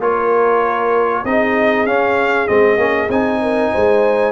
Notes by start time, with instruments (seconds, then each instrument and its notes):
0.00 tuba A#3, trombone F4, horn A#4, trumpet C#5
1.25 tuba C4, trombone D#4, horn G#4, trumpet D#5
1.86 tuba C#4, trombone C#4, trumpet F5
2.48 tuba G#3, trombone C4, trumpet D#5
2.78 tuba A#3, trombone C#4
3.09 tuba C4, trombone D#4, trumpet G#5
3.42 horn A#4
3.72 tuba G#3, horn C5